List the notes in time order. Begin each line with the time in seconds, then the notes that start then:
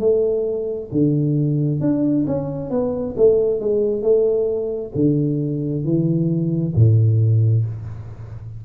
0.00 A3
0.92 D3
1.81 D4
2.27 C#4
2.71 B3
3.18 A3
3.60 G#3
4.02 A3
4.95 D3
5.85 E3
6.76 A2